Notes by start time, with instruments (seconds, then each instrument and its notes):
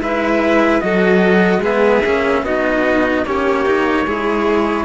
0.00 cello G#3 E4, violin B4, trumpet E5
0.80 cello F#3 F#4, violin A4, trumpet D#5
1.59 cello G#3 B3, violin G#4, trumpet E5
2.05 cello A#3 C#4
2.42 cello B3 D#4, violin F#4, trumpet D#5
3.25 cello A#3 C#4, violin G4, trumpet C#5
3.66 cello D#4
4.06 cello G#3 E4, violin G#4